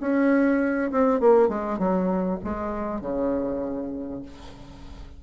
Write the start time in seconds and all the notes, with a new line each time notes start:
0.00 C#4
0.91 C4
1.20 A#3
1.48 G#3
1.78 F#3
2.44 G#3
3.01 C#3